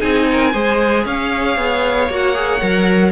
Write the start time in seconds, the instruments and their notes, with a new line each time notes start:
0.00 cello C4, viola D#4, violin G#4 G#5
0.31 violin A#4
0.53 cello G#3, viola G#4, violin C5
1.05 cello C#4, violin C#5 F5
1.57 cello B3
2.09 cello A#3, viola F#4, violin F#5
2.35 viola G#4
2.62 cello F#3, viola A#4